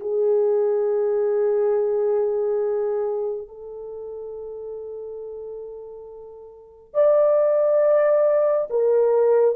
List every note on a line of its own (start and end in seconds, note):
0.00 3.48 G#4
3.48 6.94 A4
6.94 8.68 D5
8.70 9.55 A#4